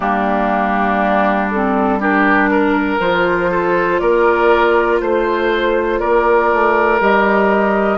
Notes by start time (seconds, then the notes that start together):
0.00 G3 A#3 D4 G4
1.50 C4 A4
1.99 D4 G4 A#4
2.50 A#4
2.99 F3 F4 C5
3.50 A4
3.99 A#3 A#4 D5
5.00 A3 C5
5.99 A#3 A#4 D5
6.52 A3
7.00 G3 G4 D#5